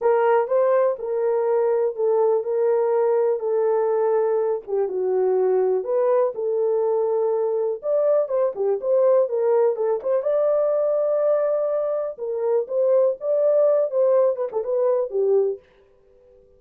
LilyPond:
\new Staff \with { instrumentName = "horn" } { \time 4/4 \tempo 4 = 123 ais'4 c''4 ais'2 | a'4 ais'2 a'4~ | a'4. g'8 fis'2 | b'4 a'2. |
d''4 c''8 g'8 c''4 ais'4 | a'8 c''8 d''2.~ | d''4 ais'4 c''4 d''4~ | d''8 c''4 b'16 a'16 b'4 g'4 | }